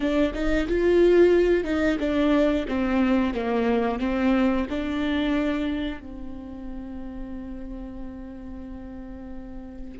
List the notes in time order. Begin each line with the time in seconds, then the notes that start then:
0.00 D4
0.34 D#4
0.68 F4
1.64 D#4
1.99 D4
2.68 C4
3.34 A#3
3.99 C4
4.69 D4
6.00 C4